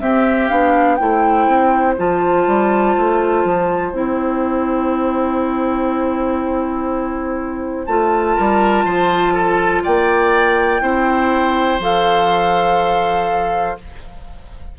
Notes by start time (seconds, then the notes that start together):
0.00 C4 G4 E5
0.48 B3 D4 F5
0.95 A3 E4 C5 G5
1.48 C4
1.97 F3 F4 A5
2.47 G3
2.97 A3
3.44 F3
3.92 C4 E4 G5
7.86 A3 F4 A5
8.36 G3 A#4
8.85 F3 C5
9.34 A4
9.83 A#3 D5 G5
10.81 C4 E4 C5
11.80 F3 A4 F5